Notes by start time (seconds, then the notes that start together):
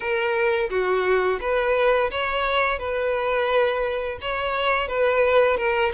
0.00 A#4
0.69 F#4
1.40 B4
2.11 C#5
2.78 B4
4.21 C#5
4.88 B4
5.57 A#4